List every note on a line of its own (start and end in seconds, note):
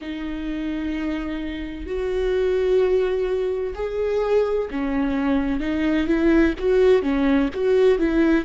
0.01 1.86 D#4
1.86 3.74 F#4
3.75 4.68 G#4
4.70 5.60 C#4
5.60 6.07 D#4
6.07 6.54 E4
6.58 7.02 F#4
7.02 7.49 C#4
7.53 7.98 F#4
7.98 8.45 E4